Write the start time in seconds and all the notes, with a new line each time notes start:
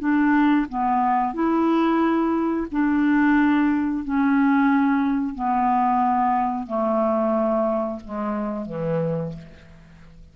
0.00 D4
0.69 B3
1.34 E4
2.72 D4
4.05 C#4
5.35 B3
6.67 A3
8.05 G#3
8.66 E3